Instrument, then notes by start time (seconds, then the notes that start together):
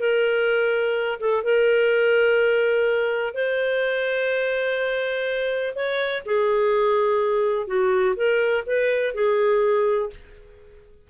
clarinet
0.00 A#4
1.20 A4
1.44 A#4
3.34 C5
5.75 C#5
6.26 G#4
7.67 F#4
8.16 A#4
8.67 B4
9.14 G#4